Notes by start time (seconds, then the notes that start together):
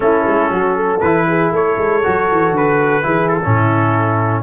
0.00 A3 C#4 E4 A4
0.27 G#3
0.50 F#3 F#4
0.75 A4
1.00 E3 E4 B4
1.28 G#4
1.51 A3 A4 C#5
1.77 G#3
2.03 F#3 F#4
2.31 E3
2.51 D3 B4
3.02 E3 E4 G#4
3.28 A4
3.43 A2 C#4 E4